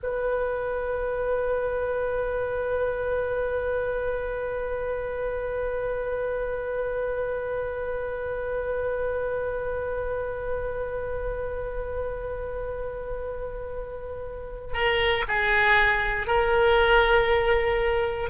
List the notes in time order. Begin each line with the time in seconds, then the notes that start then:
0.03 B4
14.73 A#4
15.28 G#4
16.27 A#4